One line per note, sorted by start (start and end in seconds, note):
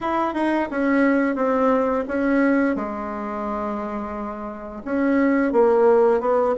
0.01 0.34 E4
0.34 0.68 D#4
0.71 1.35 C#4
1.35 2.04 C4
2.08 2.75 C#4
2.75 4.82 G#3
4.84 5.52 C#4
5.52 6.20 A#3
6.20 6.55 B3